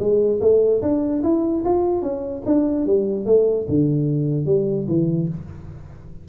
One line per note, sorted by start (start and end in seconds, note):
0.00 0.41 G#3
0.41 0.82 A3
0.82 1.23 D4
1.24 1.64 E4
1.65 2.02 F4
2.02 2.43 C#4
2.46 2.86 D4
2.87 3.26 G3
3.26 3.67 A3
3.69 4.46 D3
4.46 4.87 G3
4.88 5.29 E3